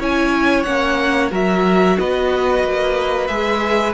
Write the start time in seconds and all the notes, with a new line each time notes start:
0.00 C#4 E4 C#5 G#5
0.63 A#3 C#4 F#5
1.31 F#3 F#4 A#4 E5
1.99 B3 B4 D#5
2.64 A#3
3.27 G#3 G#4 E5